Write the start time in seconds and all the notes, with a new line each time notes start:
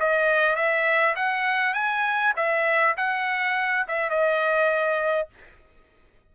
0.00 D#5
0.56 E5
1.16 F#5
1.74 G#5
2.37 E5
2.97 F#5
3.88 E5
4.10 D#5